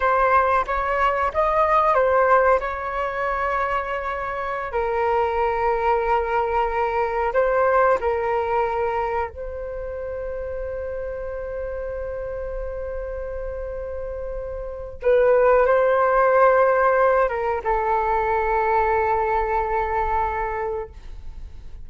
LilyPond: \new Staff \with { instrumentName = "flute" } { \time 4/4 \tempo 4 = 92 c''4 cis''4 dis''4 c''4 | cis''2.~ cis''16 ais'8.~ | ais'2.~ ais'16 c''8.~ | c''16 ais'2 c''4.~ c''16~ |
c''1~ | c''2. b'4 | c''2~ c''8 ais'8 a'4~ | a'1 | }